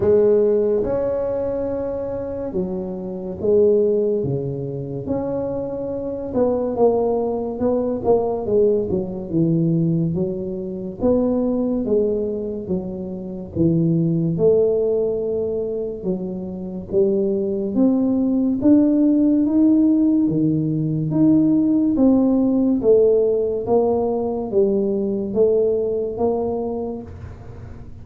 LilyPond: \new Staff \with { instrumentName = "tuba" } { \time 4/4 \tempo 4 = 71 gis4 cis'2 fis4 | gis4 cis4 cis'4. b8 | ais4 b8 ais8 gis8 fis8 e4 | fis4 b4 gis4 fis4 |
e4 a2 fis4 | g4 c'4 d'4 dis'4 | dis4 dis'4 c'4 a4 | ais4 g4 a4 ais4 | }